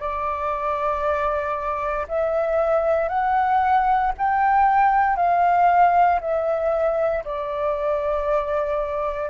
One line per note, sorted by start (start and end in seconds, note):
0.00 2.07 D5
2.08 3.09 E5
3.09 4.12 F#5
4.18 5.17 G5
5.17 6.20 F5
6.21 7.24 E5
7.25 9.30 D5